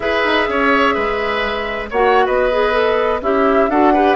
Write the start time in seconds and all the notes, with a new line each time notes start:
0.00 E4 G#4 B4 E5
0.24 D#4
0.48 C#4 C#5
0.94 G#3 B4
1.89 A#3 F#4 C#5 F#5
2.25 B3 B4 D#5
2.51 G#4
2.72 A4
3.21 C#4 E4 G4 E5
3.69 D4 F#4 A4 F#5
3.93 G4 B4